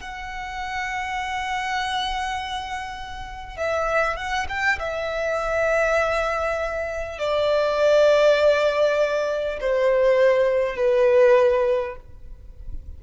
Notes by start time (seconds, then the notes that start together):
0.00 F#5
3.57 E5
4.16 F#5
4.48 G5
4.79 E5
7.19 D5
9.61 C5
10.76 B4